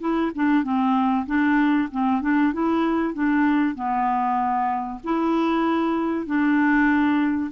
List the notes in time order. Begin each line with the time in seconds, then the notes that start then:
0.00 E4
0.35 D4
0.63 C4
1.26 D4
1.91 C4
2.22 D4
2.53 E4
3.14 D4
3.75 B3
5.04 E4
6.26 D4